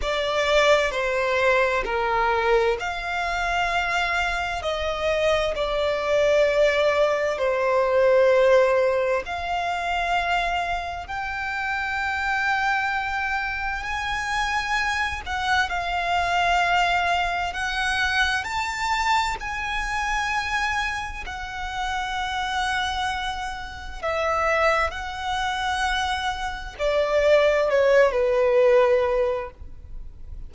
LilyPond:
\new Staff \with { instrumentName = "violin" } { \time 4/4 \tempo 4 = 65 d''4 c''4 ais'4 f''4~ | f''4 dis''4 d''2 | c''2 f''2 | g''2. gis''4~ |
gis''8 fis''8 f''2 fis''4 | a''4 gis''2 fis''4~ | fis''2 e''4 fis''4~ | fis''4 d''4 cis''8 b'4. | }